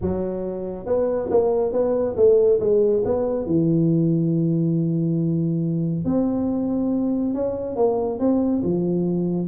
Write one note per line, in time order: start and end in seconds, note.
0.01 0.86 F#3
0.86 1.29 B3
1.30 1.72 A#3
1.72 2.15 B3
2.16 2.59 A3
2.60 3.03 G#3
3.04 3.46 B3
3.46 6.04 E3
6.04 7.34 C4
7.34 7.76 C#4
7.76 8.19 A#3
8.19 8.62 C4
8.63 9.47 F3